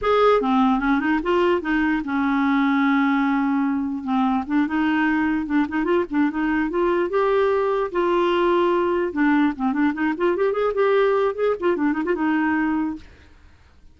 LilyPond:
\new Staff \with { instrumentName = "clarinet" } { \time 4/4 \tempo 4 = 148 gis'4 c'4 cis'8 dis'8 f'4 | dis'4 cis'2.~ | cis'2 c'4 d'8 dis'8~ | dis'4. d'8 dis'8 f'8 d'8 dis'8~ |
dis'8 f'4 g'2 f'8~ | f'2~ f'8 d'4 c'8 | d'8 dis'8 f'8 g'8 gis'8 g'4. | gis'8 f'8 d'8 dis'16 f'16 dis'2 | }